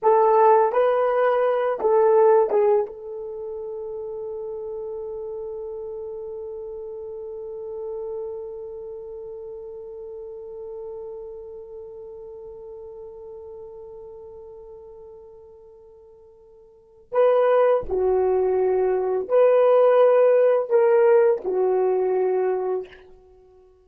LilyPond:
\new Staff \with { instrumentName = "horn" } { \time 4/4 \tempo 4 = 84 a'4 b'4. a'4 gis'8 | a'1~ | a'1~ | a'1~ |
a'1~ | a'1 | b'4 fis'2 b'4~ | b'4 ais'4 fis'2 | }